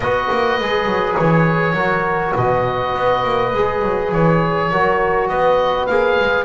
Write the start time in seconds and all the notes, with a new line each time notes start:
0.00 B3 F#4 B4 D#5
0.31 A#3
0.59 G#3 G#4
0.85 F#3
1.16 E3 C#5
1.72 F#3 F#4 A#4
2.32 B2 B4 D#5
2.95 B3
3.24 A#3
3.53 G#3 G#4
3.82 F#3
4.11 E3 C#5
4.70 F#3 F#4 A#4
5.28 B3 B4 D#5
5.86 A#3 G#4 F5
6.19 G#3